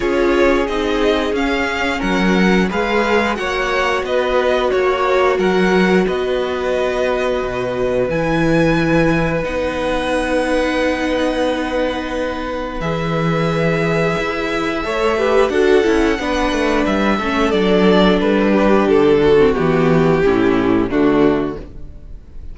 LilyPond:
<<
  \new Staff \with { instrumentName = "violin" } { \time 4/4 \tempo 4 = 89 cis''4 dis''4 f''4 fis''4 | f''4 fis''4 dis''4 cis''4 | fis''4 dis''2. | gis''2 fis''2~ |
fis''2. e''4~ | e''2. fis''4~ | fis''4 e''4 d''4 b'4 | a'4 g'2 fis'4 | }
  \new Staff \with { instrumentName = "violin" } { \time 4/4 gis'2. ais'4 | b'4 cis''4 b'4 fis'4 | ais'4 b'2.~ | b'1~ |
b'1~ | b'2 cis''8 b'8 a'4 | b'4. a'2 g'8~ | g'8 fis'4. e'4 d'4 | }
  \new Staff \with { instrumentName = "viola" } { \time 4/4 f'4 dis'4 cis'2 | gis'4 fis'2.~ | fis'1 | e'2 dis'2~ |
dis'2. gis'4~ | gis'2 a'8 g'8 fis'8 e'8 | d'4. cis'8 d'2~ | d'8. c'16 b4 cis'4 a4 | }
  \new Staff \with { instrumentName = "cello" } { \time 4/4 cis'4 c'4 cis'4 fis4 | gis4 ais4 b4 ais4 | fis4 b2 b,4 | e2 b2~ |
b2. e4~ | e4 e'4 a4 d'8 cis'8 | b8 a8 g8 a8 fis4 g4 | d4 e4 a,4 d4 | }
>>